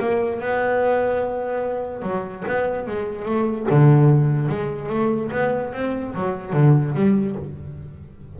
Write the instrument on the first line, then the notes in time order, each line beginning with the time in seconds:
double bass
0.00 A#3
0.40 B3
2.03 F#3
2.48 B3
2.88 G#3
3.26 A3
3.70 D3
4.49 G#3
4.90 A3
5.32 B3
5.73 C4
6.15 F#3
6.53 D3
6.95 G3